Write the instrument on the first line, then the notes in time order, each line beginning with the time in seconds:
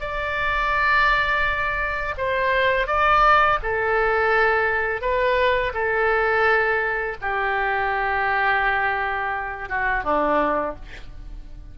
oboe
0.00 D5
2.17 C5
2.87 D5
3.62 A4
5.01 B4
5.74 A4
7.21 G4
9.69 F#4
10.04 D4